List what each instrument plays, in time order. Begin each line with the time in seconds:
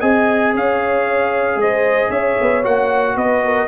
0.00 tuba C4, trombone G#4, horn D#5, trumpet G#5
0.54 tuba C#4, horn C#5, trumpet F5
1.56 tuba G#3, horn C5, trumpet D#5
2.09 tuba C#4, horn C#5, trumpet E5
2.40 tuba B3
2.63 tuba A#3, trombone F#4, trumpet F#5
3.16 tuba B3, horn B4, trumpet D#5
3.44 horn A#4